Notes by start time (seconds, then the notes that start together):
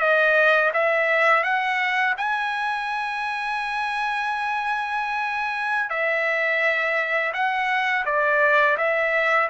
0.00 D#5
0.73 E5
1.43 F#5
2.17 G#5
5.90 E5
7.33 F#5
8.06 D5
8.77 E5